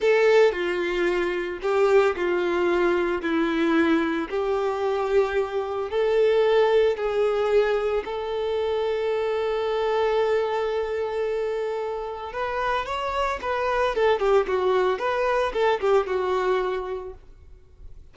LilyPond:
\new Staff \with { instrumentName = "violin" } { \time 4/4 \tempo 4 = 112 a'4 f'2 g'4 | f'2 e'2 | g'2. a'4~ | a'4 gis'2 a'4~ |
a'1~ | a'2. b'4 | cis''4 b'4 a'8 g'8 fis'4 | b'4 a'8 g'8 fis'2 | }